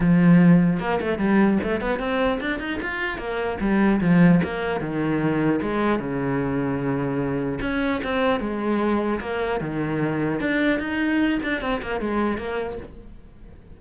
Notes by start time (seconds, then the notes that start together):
0.00 F3
0.79 A#3
1.01 A3
1.18 G3
1.63 A3
1.80 B3
1.99 C4
2.40 D4
2.59 D#4
2.81 F4
3.18 A#3
3.60 G3
4.01 F3
4.43 A#3
4.80 D#3
5.61 G#3
5.99 C#3
7.61 C#4
8.03 C4
8.39 G#3
9.20 A#3
9.60 D#3
10.39 D4
10.79 D#4
11.42 D4
11.61 C4
11.81 A#3
12.00 G#3
12.37 A#3